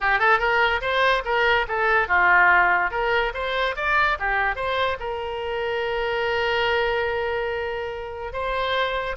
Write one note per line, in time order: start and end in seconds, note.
0.00 0.19 G4
0.19 0.39 A4
0.39 0.80 A#4
0.81 1.23 C5
1.24 1.66 A#4
1.68 2.08 A4
2.08 2.91 F4
2.91 3.32 A#4
3.34 3.75 C5
3.76 4.17 D5
4.19 4.55 G4
4.55 4.97 C5
4.99 8.32 A#4
8.32 9.16 C5